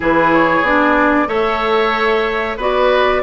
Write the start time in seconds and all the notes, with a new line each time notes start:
0.00 E3 E4 G#4 B4
0.33 C#5
0.62 B3 D4 D5
1.26 A3 A4 C#5 E5
2.57 B3 F#4 B4 D5